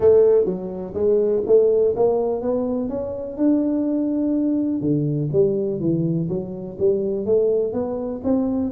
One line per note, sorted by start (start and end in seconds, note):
0.00 0.45 A3
0.45 0.93 F#3
0.94 1.42 G#3
1.46 1.94 A3
1.96 2.41 A#3
2.41 2.89 B3
2.89 3.37 C#4
3.37 4.80 D4
4.80 5.29 D3
5.32 5.80 G3
5.80 6.28 E3
6.28 6.77 F#3
6.79 7.25 G3
7.25 7.72 A3
7.72 8.21 B3
8.24 8.71 C4